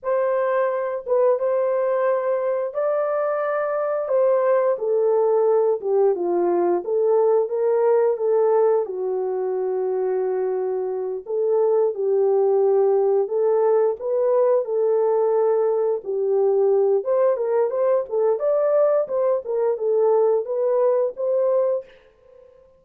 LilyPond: \new Staff \with { instrumentName = "horn" } { \time 4/4 \tempo 4 = 88 c''4. b'8 c''2 | d''2 c''4 a'4~ | a'8 g'8 f'4 a'4 ais'4 | a'4 fis'2.~ |
fis'8 a'4 g'2 a'8~ | a'8 b'4 a'2 g'8~ | g'4 c''8 ais'8 c''8 a'8 d''4 | c''8 ais'8 a'4 b'4 c''4 | }